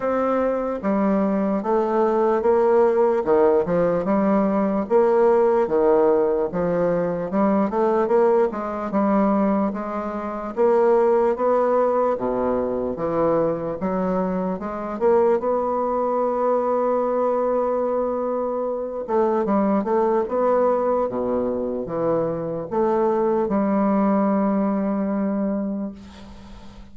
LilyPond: \new Staff \with { instrumentName = "bassoon" } { \time 4/4 \tempo 4 = 74 c'4 g4 a4 ais4 | dis8 f8 g4 ais4 dis4 | f4 g8 a8 ais8 gis8 g4 | gis4 ais4 b4 b,4 |
e4 fis4 gis8 ais8 b4~ | b2.~ b8 a8 | g8 a8 b4 b,4 e4 | a4 g2. | }